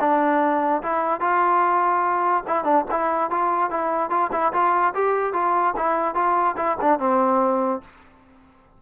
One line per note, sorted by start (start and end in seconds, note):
0.00 0.82 D4
0.83 1.21 E4
1.21 2.44 F4
2.47 2.64 E4
2.64 2.85 D4
2.91 3.30 E4
3.30 3.71 F4
3.71 4.10 E4
4.10 4.31 F4
4.32 4.52 E4
4.53 4.94 F4
4.95 5.33 G4
5.33 5.74 F4
5.77 6.15 E4
6.15 6.56 F4
6.57 6.77 E4
6.81 6.99 D4
6.99 7.82 C4